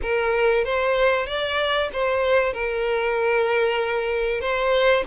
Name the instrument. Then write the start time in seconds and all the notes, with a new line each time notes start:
violin
0.01 A#4
0.64 C5
1.26 D5
1.92 C5
2.53 A#4
4.40 C5